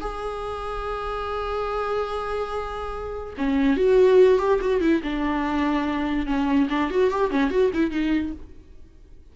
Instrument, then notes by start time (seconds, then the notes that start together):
viola
0.00 G#4
3.37 C#4
3.76 F#4
4.39 G4
4.60 F#4
4.80 E4
5.03 D4
6.26 C#4
6.69 D4
6.90 F#4
7.10 G4
7.30 C#4
7.50 F#4
7.73 E4
7.91 D#4